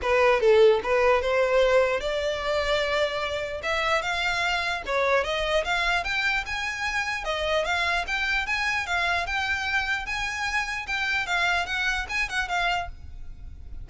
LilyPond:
\new Staff \with { instrumentName = "violin" } { \time 4/4 \tempo 4 = 149 b'4 a'4 b'4 c''4~ | c''4 d''2.~ | d''4 e''4 f''2 | cis''4 dis''4 f''4 g''4 |
gis''2 dis''4 f''4 | g''4 gis''4 f''4 g''4~ | g''4 gis''2 g''4 | f''4 fis''4 gis''8 fis''8 f''4 | }